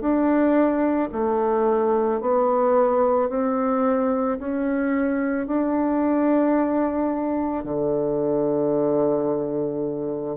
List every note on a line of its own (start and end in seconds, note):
0.00 1.09 D4
1.12 2.20 A3
2.20 3.29 B3
3.29 4.38 C4
4.38 5.46 C#4
5.46 7.64 D4
7.64 10.36 D3